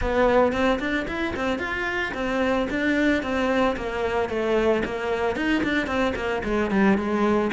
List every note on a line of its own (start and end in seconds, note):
0.01 0.52 B3
0.52 0.79 C4
0.79 1.06 D4
1.07 1.34 E4
1.36 1.58 C4
1.58 2.12 F4
2.14 2.67 C4
2.70 3.22 D4
3.22 3.76 C4
3.76 4.29 A#3
4.29 4.82 A3
4.84 5.36 A#3
5.36 5.62 D#4
5.63 5.86 D4
5.86 6.13 C4
6.15 6.42 A#3
6.43 6.70 G#3
6.71 6.97 G3
6.97 7.51 G#3